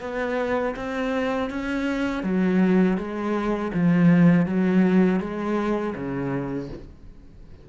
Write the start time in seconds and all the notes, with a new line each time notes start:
0.00 B3
0.76 C4
1.50 C#4
2.23 F#3
2.97 G#3
3.73 F3
4.45 F#3
5.20 G#3
5.95 C#3